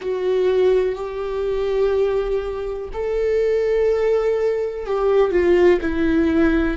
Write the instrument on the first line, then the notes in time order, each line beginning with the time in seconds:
viola
0.01 F#4
0.95 G4
2.93 A4
4.86 G4
5.31 F4
5.81 E4